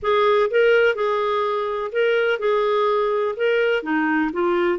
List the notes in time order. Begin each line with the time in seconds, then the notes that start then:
0.02 G#4
0.50 A#4
0.95 G#4
1.92 A#4
2.39 G#4
3.36 A#4
3.82 D#4
4.32 F4